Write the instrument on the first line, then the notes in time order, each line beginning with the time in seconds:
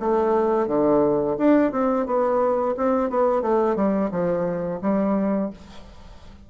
bassoon
0.00 A3
0.68 D3
1.38 D4
1.72 C4
2.06 B3
2.77 C4
3.10 B3
3.42 A3
3.76 G3
4.11 F3
4.82 G3